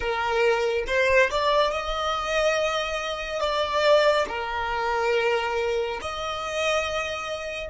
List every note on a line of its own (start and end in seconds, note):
0.00 0.84 A#4
0.86 1.29 C5
1.31 1.71 D5
1.71 3.40 D#5
3.40 4.26 D5
4.28 6.00 A#4
6.01 7.69 D#5